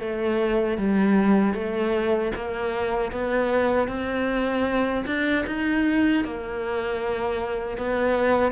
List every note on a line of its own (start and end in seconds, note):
0.00 0.78 A3
0.78 1.54 G3
1.54 2.32 A3
2.36 3.12 A#3
3.12 3.88 B3
3.88 5.05 C4
5.06 5.45 D4
5.47 6.25 D#4
6.25 7.78 A#3
7.78 8.53 B3